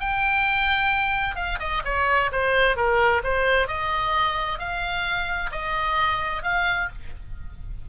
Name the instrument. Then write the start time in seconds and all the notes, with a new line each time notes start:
oboe
0.00 G5
1.36 F5
1.59 D#5
1.85 C#5
2.32 C5
2.76 A#4
3.24 C5
3.67 D#5
4.58 F5
5.51 D#5
6.43 F5